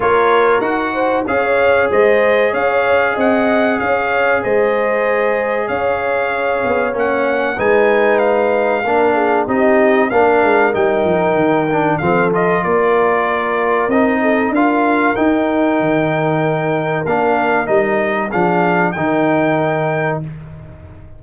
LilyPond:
<<
  \new Staff \with { instrumentName = "trumpet" } { \time 4/4 \tempo 4 = 95 cis''4 fis''4 f''4 dis''4 | f''4 fis''4 f''4 dis''4~ | dis''4 f''2 fis''4 | gis''4 f''2 dis''4 |
f''4 g''2 f''8 dis''8 | d''2 dis''4 f''4 | g''2. f''4 | dis''4 f''4 g''2 | }
  \new Staff \with { instrumentName = "horn" } { \time 4/4 ais'4. c''8 cis''4 c''4 | cis''4 dis''4 cis''4 c''4~ | c''4 cis''2. | b'2 ais'8 gis'8 g'4 |
ais'2. a'4 | ais'2~ ais'8 a'8 ais'4~ | ais'1~ | ais'4 gis'4 ais'2 | }
  \new Staff \with { instrumentName = "trombone" } { \time 4/4 f'4 fis'4 gis'2~ | gis'1~ | gis'2. cis'4 | dis'2 d'4 dis'4 |
d'4 dis'4. d'8 c'8 f'8~ | f'2 dis'4 f'4 | dis'2. d'4 | dis'4 d'4 dis'2 | }
  \new Staff \with { instrumentName = "tuba" } { \time 4/4 ais4 dis'4 cis'4 gis4 | cis'4 c'4 cis'4 gis4~ | gis4 cis'4. b8 ais4 | gis2 ais4 c'4 |
ais8 gis8 g8 f8 dis4 f4 | ais2 c'4 d'4 | dis'4 dis2 ais4 | g4 f4 dis2 | }
>>